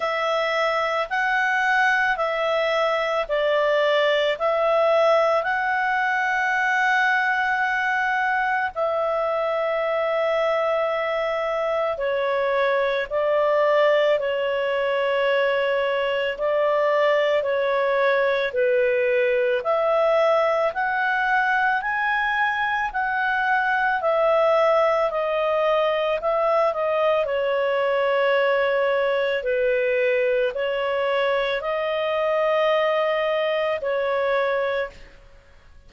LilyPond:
\new Staff \with { instrumentName = "clarinet" } { \time 4/4 \tempo 4 = 55 e''4 fis''4 e''4 d''4 | e''4 fis''2. | e''2. cis''4 | d''4 cis''2 d''4 |
cis''4 b'4 e''4 fis''4 | gis''4 fis''4 e''4 dis''4 | e''8 dis''8 cis''2 b'4 | cis''4 dis''2 cis''4 | }